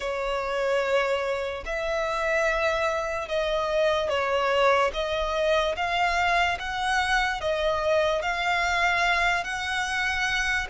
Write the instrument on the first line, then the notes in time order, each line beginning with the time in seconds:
violin
0.00 C#5
1.65 E5
3.28 D#5
4.09 C#5
4.93 D#5
5.75 F5
6.59 F#5
7.40 D#5
8.22 F5
9.43 F#5